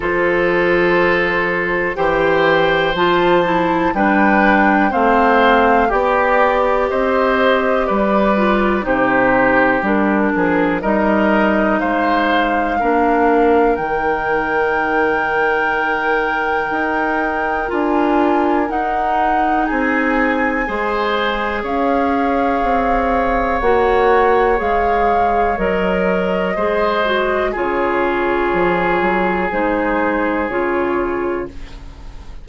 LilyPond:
<<
  \new Staff \with { instrumentName = "flute" } { \time 4/4 \tempo 4 = 61 c''2 g''4 a''4 | g''4 f''4 d''4 dis''4 | d''4 c''4 ais'4 dis''4 | f''2 g''2~ |
g''2 gis''4 fis''4 | gis''2 f''2 | fis''4 f''4 dis''2 | cis''2 c''4 cis''4 | }
  \new Staff \with { instrumentName = "oboe" } { \time 4/4 a'2 c''2 | b'4 c''4 g'4 c''4 | b'4 g'4. gis'8 ais'4 | c''4 ais'2.~ |
ais'1 | gis'4 c''4 cis''2~ | cis''2. c''4 | gis'1 | }
  \new Staff \with { instrumentName = "clarinet" } { \time 4/4 f'2 g'4 f'8 e'8 | d'4 c'4 g'2~ | g'8 f'8 dis'4 d'4 dis'4~ | dis'4 d'4 dis'2~ |
dis'2 f'4 dis'4~ | dis'4 gis'2. | fis'4 gis'4 ais'4 gis'8 fis'8 | f'2 dis'4 f'4 | }
  \new Staff \with { instrumentName = "bassoon" } { \time 4/4 f2 e4 f4 | g4 a4 b4 c'4 | g4 c4 g8 f8 g4 | gis4 ais4 dis2~ |
dis4 dis'4 d'4 dis'4 | c'4 gis4 cis'4 c'4 | ais4 gis4 fis4 gis4 | cis4 f8 fis8 gis4 cis4 | }
>>